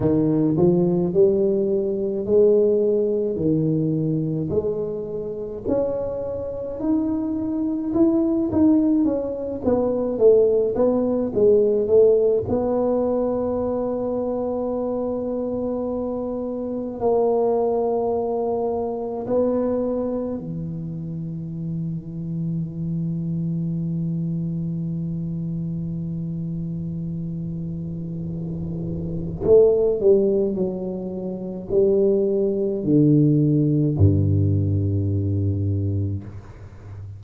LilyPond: \new Staff \with { instrumentName = "tuba" } { \time 4/4 \tempo 4 = 53 dis8 f8 g4 gis4 dis4 | gis4 cis'4 dis'4 e'8 dis'8 | cis'8 b8 a8 b8 gis8 a8 b4~ | b2. ais4~ |
ais4 b4 e2~ | e1~ | e2 a8 g8 fis4 | g4 d4 g,2 | }